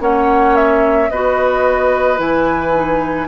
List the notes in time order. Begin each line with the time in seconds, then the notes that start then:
0.00 A#3 C#4 C#5 F#5
0.56 E5
1.10 B3 F#4 B4 D#5
2.17 E3 E4 G#5
2.75 D#4